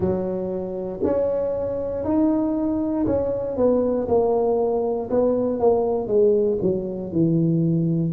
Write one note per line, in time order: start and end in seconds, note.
0.00 0.99 F#3
1.03 2.04 C#4
2.04 3.06 D#4
3.06 3.56 C#4
3.56 4.07 B3
4.07 5.09 A#3
5.09 5.59 B3
5.59 6.07 A#3
6.07 6.58 G#3
6.61 7.11 F#3
7.11 8.12 E3